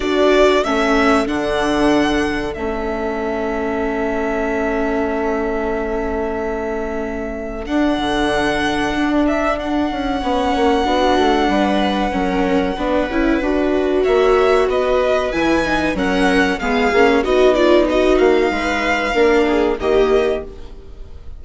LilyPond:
<<
  \new Staff \with { instrumentName = "violin" } { \time 4/4 \tempo 4 = 94 d''4 e''4 fis''2 | e''1~ | e''1 | fis''2~ fis''8 e''8 fis''4~ |
fis''1~ | fis''2 e''4 dis''4 | gis''4 fis''4 f''4 dis''8 d''8 | dis''8 f''2~ f''8 dis''4 | }
  \new Staff \with { instrumentName = "viola" } { \time 4/4 a'1~ | a'1~ | a'1~ | a'1 |
cis''4 fis'4 b'4 ais'4 | b'2 cis''4 b'4~ | b'4 ais'4 gis'4 fis'8 f'8 | fis'4 b'4 ais'8 gis'8 g'4 | }
  \new Staff \with { instrumentName = "viola" } { \time 4/4 fis'4 cis'4 d'2 | cis'1~ | cis'1 | d'1 |
cis'4 d'2 cis'4 | d'8 e'8 fis'2. | e'8 dis'8 cis'4 b8 cis'8 dis'4~ | dis'2 d'4 ais4 | }
  \new Staff \with { instrumentName = "bassoon" } { \time 4/4 d'4 a4 d2 | a1~ | a1 | d'8 d4. d'4. cis'8 |
b8 ais8 b8 a8 g4 fis4 | b8 cis'8 d'4 ais4 b4 | e4 fis4 gis8 ais8 b4~ | b8 ais8 gis4 ais4 dis4 | }
>>